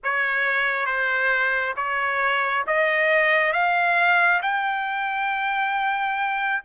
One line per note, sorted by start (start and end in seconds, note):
0.03 0.86 C#5
0.86 1.74 C5
1.76 2.64 C#5
2.67 3.52 D#5
3.52 4.40 F5
4.42 6.62 G5